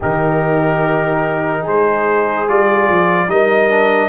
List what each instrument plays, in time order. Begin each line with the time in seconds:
0.00 tuba D#3, trombone D#4, horn G4, trumpet A#4
1.61 tuba G#3, horn G#4, trumpet C5
2.48 tuba G3, trombone F4, trumpet D5
2.89 tuba F3
3.28 tuba G3, trombone D#4, horn A#4, trumpet D#5
3.69 trombone D4